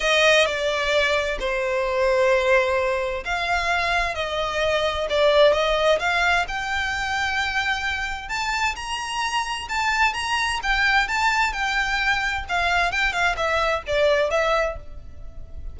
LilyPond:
\new Staff \with { instrumentName = "violin" } { \time 4/4 \tempo 4 = 130 dis''4 d''2 c''4~ | c''2. f''4~ | f''4 dis''2 d''4 | dis''4 f''4 g''2~ |
g''2 a''4 ais''4~ | ais''4 a''4 ais''4 g''4 | a''4 g''2 f''4 | g''8 f''8 e''4 d''4 e''4 | }